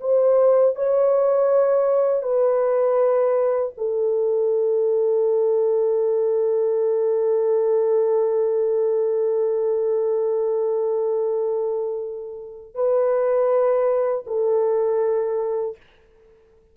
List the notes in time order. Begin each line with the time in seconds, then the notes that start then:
0.00 C5
0.75 C#5
2.22 B4
3.77 A4
12.74 B4
14.26 A4